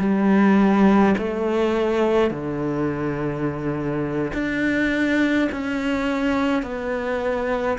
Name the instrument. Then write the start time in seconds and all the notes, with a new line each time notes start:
cello
0.00 G3
1.19 A3
2.31 D3
4.34 D4
5.52 C#4
6.63 B3